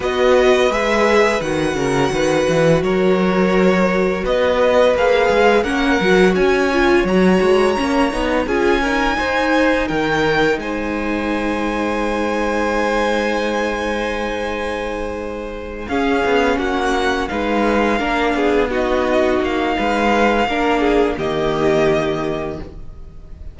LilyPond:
<<
  \new Staff \with { instrumentName = "violin" } { \time 4/4 \tempo 4 = 85 dis''4 e''4 fis''2 | cis''2 dis''4 f''4 | fis''4 gis''4 ais''2 | gis''2 g''4 gis''4~ |
gis''1~ | gis''2~ gis''8 f''4 fis''8~ | fis''8 f''2 dis''4 f''8~ | f''2 dis''2 | }
  \new Staff \with { instrumentName = "violin" } { \time 4/4 b'2~ b'8 ais'8 b'4 | ais'2 b'2 | ais'4 cis''2. | gis'8 ais'8 c''4 ais'4 c''4~ |
c''1~ | c''2~ c''8 gis'4 fis'8~ | fis'8 b'4 ais'8 gis'8 fis'4. | b'4 ais'8 gis'8 g'2 | }
  \new Staff \with { instrumentName = "viola" } { \time 4/4 fis'4 gis'4 fis'2~ | fis'2. gis'4 | cis'8 fis'4 f'8 fis'4 cis'8 dis'8 | f'8 dis'2.~ dis'8~ |
dis'1~ | dis'2~ dis'8 cis'4.~ | cis'8 dis'4 d'4 dis'4.~ | dis'4 d'4 ais2 | }
  \new Staff \with { instrumentName = "cello" } { \time 4/4 b4 gis4 dis8 cis8 dis8 e8 | fis2 b4 ais8 gis8 | ais8 fis8 cis'4 fis8 gis8 ais8 b8 | cis'4 dis'4 dis4 gis4~ |
gis1~ | gis2~ gis8 cis'8 b8 ais8~ | ais8 gis4 ais8 b4. ais8 | gis4 ais4 dis2 | }
>>